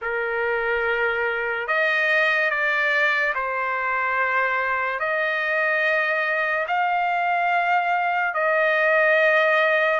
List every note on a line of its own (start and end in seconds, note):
0.01 1.67 A#4
1.67 2.50 D#5
2.50 3.33 D5
3.34 4.99 C5
4.99 6.66 D#5
6.67 8.33 F5
8.33 10.00 D#5